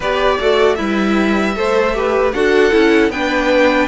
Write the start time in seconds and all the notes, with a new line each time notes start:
0.00 B3 G4 B4 D5
0.39 A3 F#4 A4
0.75 G3 E4 B4 E5
1.55 A3 A4 C5
1.94 G4 B4
2.33 D4 F#4 A4 F#5
2.71 C#4 E4
3.09 B3 D4 B4 G5